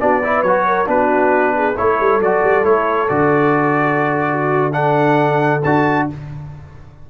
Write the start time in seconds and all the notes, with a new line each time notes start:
0.00 B3 D4 F#4 D5
0.23 E4 B4
0.43 F#3 F#4 C#5
0.67 A#4
0.86 B3 D4 F#4 B4
1.56 G#4
1.76 A3 E4 A4 C#5
2.00 G3
2.20 F#3 F#4 D5
2.43 G3
2.64 A3 E4 C#5
3.09 D3 F#4 D5
4.31 F#4
4.72 D4 A4 F#5
5.63 D4 F#4 A5